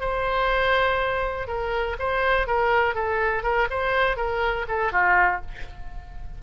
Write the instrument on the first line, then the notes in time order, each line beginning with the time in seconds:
oboe
0.00 C5
1.47 A#4
1.99 C5
2.46 A#4
2.94 A4
3.43 A#4
3.70 C5
4.16 A#4
4.68 A4
4.92 F4